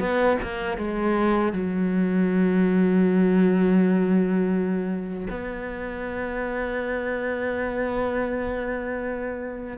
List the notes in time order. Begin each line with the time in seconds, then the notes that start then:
0.00 B3
0.42 A#3
0.77 G#3
1.52 F#3
5.30 B3